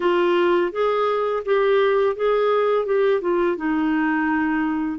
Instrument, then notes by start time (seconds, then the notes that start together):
clarinet
0.00 F4
0.71 G#4
1.44 G4
2.16 G#4
2.85 G4
3.21 F4
3.56 D#4